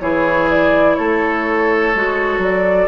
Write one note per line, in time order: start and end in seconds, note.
0.00 0.98 E3
0.00 1.94 E4
0.00 0.97 G#4
0.00 0.48 C#5
0.50 0.95 D5
0.95 1.95 A3
0.95 2.88 A4
0.95 2.40 C#5
1.95 2.38 G#3
1.95 2.88 F#4
2.38 2.86 F#3
2.38 2.88 D5